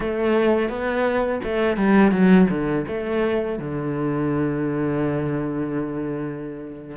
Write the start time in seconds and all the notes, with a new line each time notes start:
0.00 A3
0.69 B3
1.43 A3
1.77 G3
2.11 F#3
2.49 D3
2.87 A3
3.58 D3